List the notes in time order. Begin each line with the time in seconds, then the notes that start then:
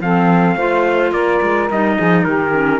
0.00 F3 C4 A4 F5
0.56 A3 F4 C5
1.11 A#3 A#4 D5
1.42 G#3
1.70 G3 D#4 D#5
1.96 F3 G#4
2.24 D#3 G4 A#4
2.53 C#4